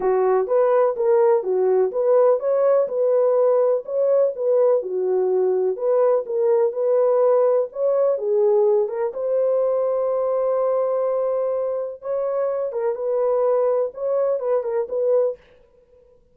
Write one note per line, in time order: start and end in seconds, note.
0.00 0.47 F#4
0.47 0.95 B4
0.96 1.43 A#4
1.43 1.91 F#4
1.91 2.39 B4
2.39 2.87 C#5
2.88 3.84 B4
3.85 4.33 C#5
4.35 4.82 B4
4.82 5.76 F#4
5.76 6.24 B4
6.26 6.72 A#4
6.72 7.68 B4
7.72 8.18 C#5
8.18 8.88 G#4
8.88 9.12 A#4
9.13 12.01 C5
12.01 12.72 C#5
12.72 12.95 A#4
12.95 13.91 B4
13.94 14.39 C#5
14.39 14.63 B4
14.63 14.87 A#4
14.88 15.36 B4